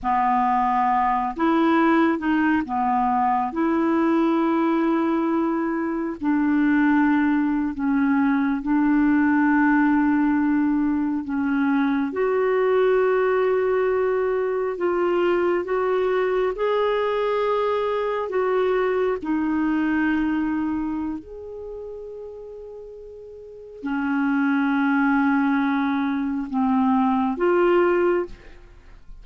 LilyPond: \new Staff \with { instrumentName = "clarinet" } { \time 4/4 \tempo 4 = 68 b4. e'4 dis'8 b4 | e'2. d'4~ | d'8. cis'4 d'2~ d'16~ | d'8. cis'4 fis'2~ fis'16~ |
fis'8. f'4 fis'4 gis'4~ gis'16~ | gis'8. fis'4 dis'2~ dis'16 | gis'2. cis'4~ | cis'2 c'4 f'4 | }